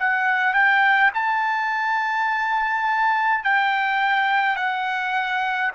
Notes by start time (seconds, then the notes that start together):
0.00 F#5
0.53 G5
1.14 A5
3.44 G5
4.56 F#5